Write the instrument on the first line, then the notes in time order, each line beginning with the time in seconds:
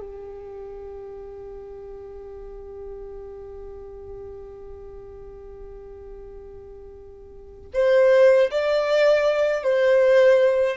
violin
0.00 G4
7.74 C5
8.51 D5
9.64 C5